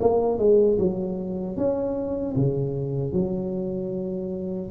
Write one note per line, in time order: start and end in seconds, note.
0.00 0.38 A#3
0.38 0.78 G#3
0.78 1.57 F#3
1.57 2.36 C#4
2.36 3.13 C#3
3.13 4.70 F#3